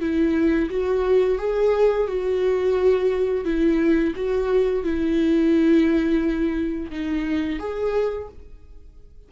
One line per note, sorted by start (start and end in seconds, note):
0.00 0.69 E4
0.69 1.38 F#4
1.38 2.07 G#4
2.08 3.45 F#4
3.45 4.13 E4
4.15 4.84 F#4
4.84 6.91 E4
6.91 7.59 D#4
7.59 8.28 G#4